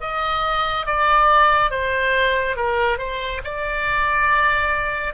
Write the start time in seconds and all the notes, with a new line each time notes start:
0.00 D#5
0.86 D5
1.70 C5
2.56 A#4
2.98 C5
3.44 D5